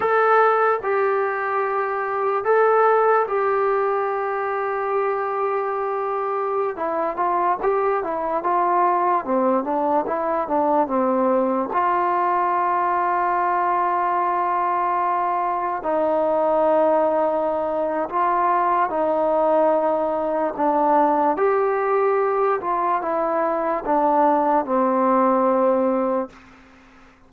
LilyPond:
\new Staff \with { instrumentName = "trombone" } { \time 4/4 \tempo 4 = 73 a'4 g'2 a'4 | g'1~ | g'16 e'8 f'8 g'8 e'8 f'4 c'8 d'16~ | d'16 e'8 d'8 c'4 f'4.~ f'16~ |
f'2.~ f'16 dis'8.~ | dis'2 f'4 dis'4~ | dis'4 d'4 g'4. f'8 | e'4 d'4 c'2 | }